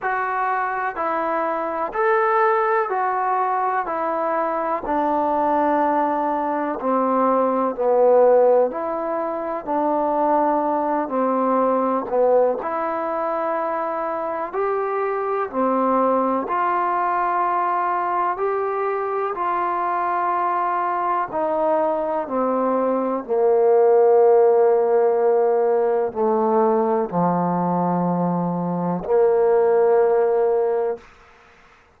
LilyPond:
\new Staff \with { instrumentName = "trombone" } { \time 4/4 \tempo 4 = 62 fis'4 e'4 a'4 fis'4 | e'4 d'2 c'4 | b4 e'4 d'4. c'8~ | c'8 b8 e'2 g'4 |
c'4 f'2 g'4 | f'2 dis'4 c'4 | ais2. a4 | f2 ais2 | }